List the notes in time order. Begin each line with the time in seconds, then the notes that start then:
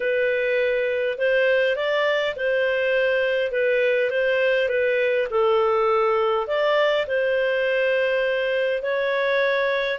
0.00 B4
1.17 C5
1.75 D5
2.35 C5
3.51 B4
4.10 C5
4.68 B4
5.30 A4
6.47 D5
7.07 C5
8.82 C#5